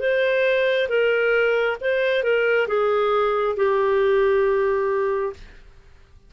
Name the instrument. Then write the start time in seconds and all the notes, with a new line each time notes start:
clarinet
0.00 C5
0.89 A#4
1.81 C5
2.23 A#4
2.68 G#4
3.57 G4